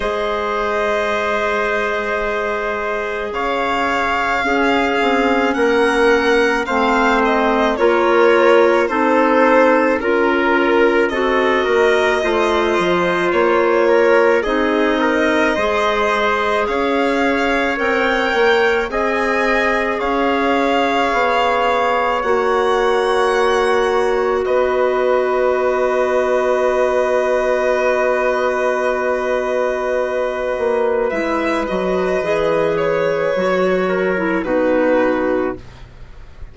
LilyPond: <<
  \new Staff \with { instrumentName = "violin" } { \time 4/4 \tempo 4 = 54 dis''2. f''4~ | f''4 fis''4 f''8 dis''8 cis''4 | c''4 ais'4 dis''2 | cis''4 dis''2 f''4 |
g''4 gis''4 f''2 | fis''2 dis''2~ | dis''1 | e''8 dis''4 cis''4. b'4 | }
  \new Staff \with { instrumentName = "trumpet" } { \time 4/4 c''2. cis''4 | gis'4 ais'4 c''4 ais'4 | a'4 ais'4 a'8 ais'8 c''4~ | c''8 ais'8 gis'8 ais'8 c''4 cis''4~ |
cis''4 dis''4 cis''2~ | cis''2 b'2~ | b'1~ | b'2~ b'8 ais'8 fis'4 | }
  \new Staff \with { instrumentName = "clarinet" } { \time 4/4 gis'1 | cis'2 c'4 f'4 | dis'4 f'4 fis'4 f'4~ | f'4 dis'4 gis'2 |
ais'4 gis'2. | fis'1~ | fis'1 | e'8 fis'8 gis'4 fis'8. e'16 dis'4 | }
  \new Staff \with { instrumentName = "bassoon" } { \time 4/4 gis2. cis4 | cis'8 c'8 ais4 a4 ais4 | c'4 cis'4 c'8 ais8 a8 f8 | ais4 c'4 gis4 cis'4 |
c'8 ais8 c'4 cis'4 b4 | ais2 b2~ | b2.~ b8 ais8 | gis8 fis8 e4 fis4 b,4 | }
>>